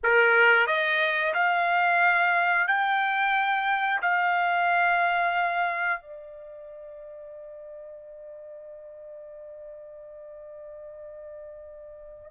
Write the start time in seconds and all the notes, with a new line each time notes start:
0.03 A#4
0.67 D#5
1.34 F5
2.67 G5
4.01 F5
6.01 D5